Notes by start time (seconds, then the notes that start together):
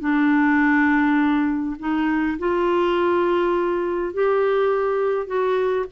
0.00 D4
1.79 D#4
2.39 F4
4.14 G4
5.27 F#4